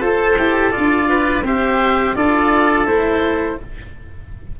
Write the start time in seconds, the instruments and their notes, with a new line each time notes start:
0.00 tuba F4, cello A4, oboe A4 C5
0.38 tuba E4, cello G4
0.71 cello F4, oboe D5
0.77 tuba D4
1.09 oboe B4
1.43 tuba C4, cello G4, oboe C5 E5
2.15 tuba D4, cello F4, oboe A4 D5
2.85 tuba A3, cello E4, oboe C5